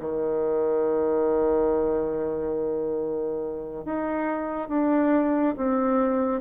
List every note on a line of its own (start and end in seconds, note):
0.00 3.85 D#3
3.85 4.69 D#4
4.69 5.55 D4
5.58 6.41 C4